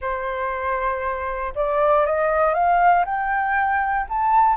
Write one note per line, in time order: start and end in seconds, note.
0.01 1.53 C5
1.55 2.05 D5
2.05 2.54 D#5
2.54 3.05 F5
3.05 4.07 G5
4.09 4.56 A5